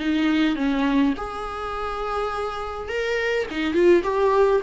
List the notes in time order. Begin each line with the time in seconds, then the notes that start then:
0.00 D#4
0.56 C#4
1.17 G#4
2.89 A#4
3.51 D#4
3.74 F4
4.04 G4